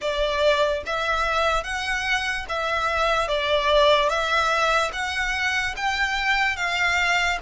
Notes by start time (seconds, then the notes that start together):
0.01 D5
0.86 E5
1.63 F#5
2.48 E5
3.28 D5
4.09 E5
4.92 F#5
5.76 G5
6.56 F5